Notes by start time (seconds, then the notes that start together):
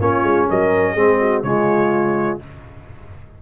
0.00 A#3 C#4 F4 C#5
0.23 G#3
0.49 F#3 A#4 D#5
0.93 G#3 C4 G#4
1.21 F#4
1.43 C#3 G#3 F4 C#5